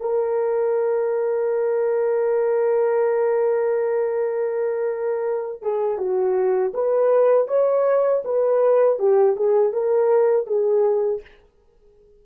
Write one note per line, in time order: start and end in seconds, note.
0.00 5.62 A#4
5.62 5.97 G#4
5.97 6.72 F#4
6.73 7.47 B4
7.47 8.22 C#5
8.24 8.99 B4
8.99 9.35 G4
9.35 9.72 G#4
9.72 10.46 A#4
10.46 11.21 G#4